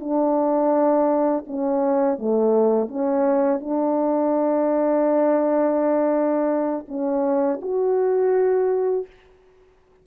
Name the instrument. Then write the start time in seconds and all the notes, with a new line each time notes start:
horn
0.00 D4
1.47 C#4
2.18 A3
2.88 C#4
3.60 D4
6.88 C#4
7.62 F#4